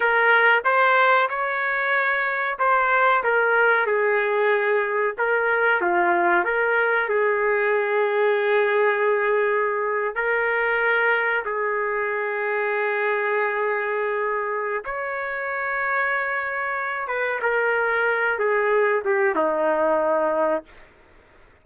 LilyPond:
\new Staff \with { instrumentName = "trumpet" } { \time 4/4 \tempo 4 = 93 ais'4 c''4 cis''2 | c''4 ais'4 gis'2 | ais'4 f'4 ais'4 gis'4~ | gis'2.~ gis'8. ais'16~ |
ais'4.~ ais'16 gis'2~ gis'16~ | gis'2. cis''4~ | cis''2~ cis''8 b'8 ais'4~ | ais'8 gis'4 g'8 dis'2 | }